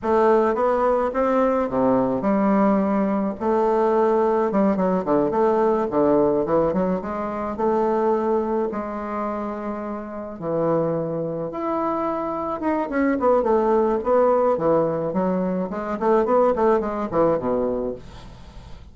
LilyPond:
\new Staff \with { instrumentName = "bassoon" } { \time 4/4 \tempo 4 = 107 a4 b4 c'4 c4 | g2 a2 | g8 fis8 d8 a4 d4 e8 | fis8 gis4 a2 gis8~ |
gis2~ gis8 e4.~ | e8 e'2 dis'8 cis'8 b8 | a4 b4 e4 fis4 | gis8 a8 b8 a8 gis8 e8 b,4 | }